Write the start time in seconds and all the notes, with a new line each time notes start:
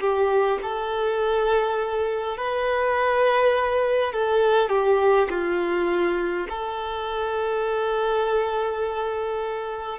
0.00 G4
0.62 A4
2.37 B4
4.12 A4
4.69 G4
5.29 F4
6.49 A4